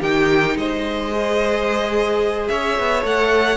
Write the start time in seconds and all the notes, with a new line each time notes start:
0.00 D#3 D#4 G4 G5
0.56 G#3 C5 D#5
1.12 G#4
2.48 C#4 C#5 E5
2.78 B3
3.01 A3 A4 F#5